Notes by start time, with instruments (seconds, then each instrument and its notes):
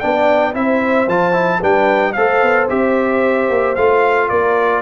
0.00 tuba B3, trombone D4, horn D5, trumpet G5
0.54 tuba C4, trombone E4, horn C5, trumpet E5
1.07 tuba F3, trombone F4, trumpet A5
1.33 trombone E4
1.59 tuba G3, trombone D4, horn B4, trumpet G5
2.13 tuba A3, trombone A4, horn C5, trumpet F5
2.42 tuba B3
2.69 tuba C4, trombone G4, trumpet E5
3.49 tuba A#3
3.76 tuba A3, trombone F4, trumpet F5
4.29 tuba A#3, horn A#4, trumpet D5